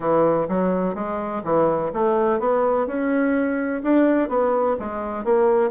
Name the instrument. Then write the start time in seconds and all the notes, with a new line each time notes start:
bassoon
0.00 E3
0.48 F#3
0.94 G#3
1.44 E3
1.93 A3
2.39 B3
2.87 C#4
3.83 D4
4.29 B3
4.79 G#3
5.24 A#3